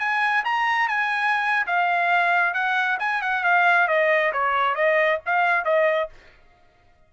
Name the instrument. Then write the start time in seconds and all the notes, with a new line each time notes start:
trumpet
0.00 G#5
0.45 A#5
0.89 G#5
1.67 F5
2.54 F#5
3.00 G#5
3.22 F#5
3.44 F5
3.88 D#5
4.33 C#5
4.76 D#5
5.26 F5
5.65 D#5